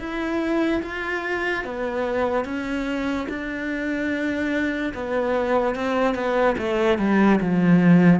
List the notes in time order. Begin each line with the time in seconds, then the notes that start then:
0.00 E4
0.83 F4
1.65 B3
2.45 C#4
3.29 D4
4.94 B3
5.76 C4
6.15 B3
6.59 A3
6.99 G3
7.41 F3